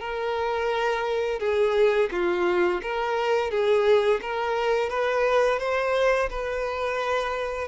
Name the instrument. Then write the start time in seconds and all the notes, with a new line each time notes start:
violin
0.00 A#4
1.40 G#4
2.12 F4
2.82 A#4
3.51 G#4
4.22 A#4
4.90 B4
5.60 C5
6.30 B4